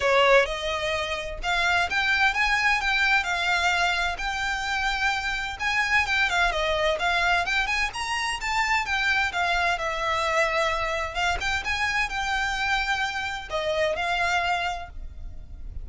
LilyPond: \new Staff \with { instrumentName = "violin" } { \time 4/4 \tempo 4 = 129 cis''4 dis''2 f''4 | g''4 gis''4 g''4 f''4~ | f''4 g''2. | gis''4 g''8 f''8 dis''4 f''4 |
g''8 gis''8 ais''4 a''4 g''4 | f''4 e''2. | f''8 g''8 gis''4 g''2~ | g''4 dis''4 f''2 | }